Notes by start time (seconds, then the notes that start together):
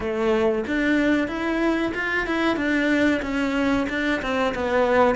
0.00 A3
0.67 D4
1.27 E4
1.94 F4
2.26 E4
2.56 D4
3.22 C#4
3.89 D4
4.21 C4
4.55 B3